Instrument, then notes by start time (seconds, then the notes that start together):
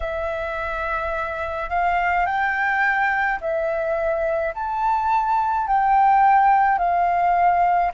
flute
0.00 E5
1.69 F5
2.25 G5
3.40 E5
4.54 A5
5.67 G5
6.78 F5